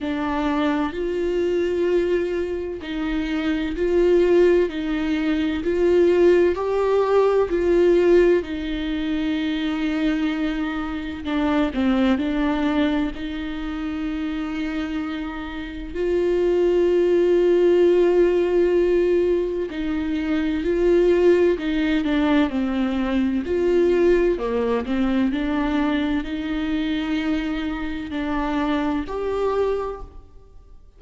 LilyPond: \new Staff \with { instrumentName = "viola" } { \time 4/4 \tempo 4 = 64 d'4 f'2 dis'4 | f'4 dis'4 f'4 g'4 | f'4 dis'2. | d'8 c'8 d'4 dis'2~ |
dis'4 f'2.~ | f'4 dis'4 f'4 dis'8 d'8 | c'4 f'4 ais8 c'8 d'4 | dis'2 d'4 g'4 | }